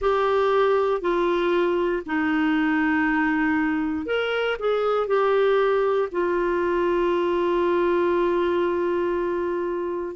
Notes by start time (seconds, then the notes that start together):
0.00 G4
1.01 F4
2.06 D#4
4.06 A#4
4.59 G#4
5.07 G4
6.11 F4